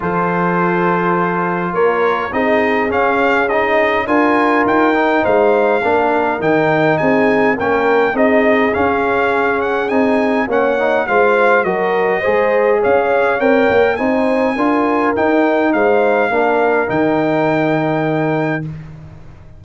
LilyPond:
<<
  \new Staff \with { instrumentName = "trumpet" } { \time 4/4 \tempo 4 = 103 c''2. cis''4 | dis''4 f''4 dis''4 gis''4 | g''4 f''2 g''4 | gis''4 g''4 dis''4 f''4~ |
f''8 fis''8 gis''4 fis''4 f''4 | dis''2 f''4 g''4 | gis''2 g''4 f''4~ | f''4 g''2. | }
  \new Staff \with { instrumentName = "horn" } { \time 4/4 a'2. ais'4 | gis'2. ais'4~ | ais'4 c''4 ais'2 | gis'4 ais'4 gis'2~ |
gis'2 cis''4 c''4 | ais'4 c''4 cis''2 | c''4 ais'2 c''4 | ais'1 | }
  \new Staff \with { instrumentName = "trombone" } { \time 4/4 f'1 | dis'4 cis'4 dis'4 f'4~ | f'8 dis'4. d'4 dis'4~ | dis'4 cis'4 dis'4 cis'4~ |
cis'4 dis'4 cis'8 dis'8 f'4 | fis'4 gis'2 ais'4 | dis'4 f'4 dis'2 | d'4 dis'2. | }
  \new Staff \with { instrumentName = "tuba" } { \time 4/4 f2. ais4 | c'4 cis'2 d'4 | dis'4 gis4 ais4 dis4 | c'4 ais4 c'4 cis'4~ |
cis'4 c'4 ais4 gis4 | fis4 gis4 cis'4 c'8 ais8 | c'4 d'4 dis'4 gis4 | ais4 dis2. | }
>>